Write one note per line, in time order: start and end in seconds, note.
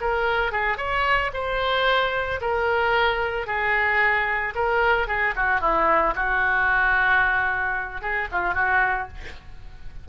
0.00 0.51 A#4
0.51 0.77 G#4
0.77 1.31 C#5
1.33 2.40 C5
2.41 3.46 A#4
3.46 4.53 G#4
4.54 5.07 A#4
5.07 5.34 G#4
5.35 5.60 F#4
5.60 6.14 E4
6.15 8.01 F#4
8.01 8.28 G#4
8.31 8.54 F4
8.54 9.07 F#4